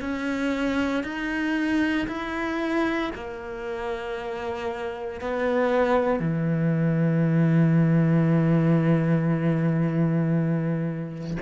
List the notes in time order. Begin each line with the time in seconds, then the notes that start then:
0.00 C#4
1.03 D#4
2.07 E4
3.15 A#3
5.21 B3
6.20 E3